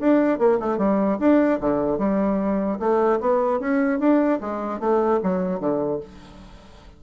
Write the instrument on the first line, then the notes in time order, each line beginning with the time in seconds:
bassoon
0.00 D4
0.39 A#3
0.60 A3
0.78 G3
1.20 D4
1.60 D3
1.99 G3
2.80 A3
3.20 B3
3.60 C#4
3.99 D4
4.41 G#3
4.80 A3
5.23 F#3
5.60 D3